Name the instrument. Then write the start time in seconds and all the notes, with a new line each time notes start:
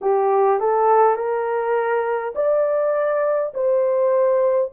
horn
0.01 G4
0.59 A4
1.16 A#4
2.35 D5
3.53 C5